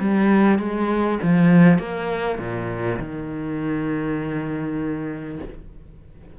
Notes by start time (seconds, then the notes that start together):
0.00 G3
0.58 G#3
1.23 F3
1.79 A#3
2.39 A#2
2.99 D#3